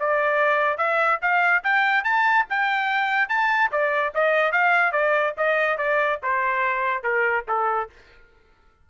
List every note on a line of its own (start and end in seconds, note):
0.00 0.78 D5
0.78 1.20 E5
1.22 1.64 F5
1.64 2.05 G5
2.05 2.46 A5
2.50 3.29 G5
3.29 3.71 A5
3.72 4.14 D5
4.15 4.53 D#5
4.53 4.93 F5
4.93 5.34 D5
5.38 5.78 D#5
5.78 6.20 D5
6.23 7.04 C5
7.04 7.45 A#4
7.48 7.90 A4